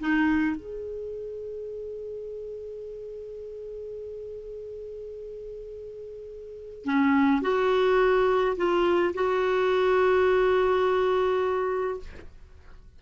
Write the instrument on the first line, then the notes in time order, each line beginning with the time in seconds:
clarinet
0.00 D#4
0.56 G#4
6.85 C#4
7.42 F#4
8.57 F4
9.14 F#4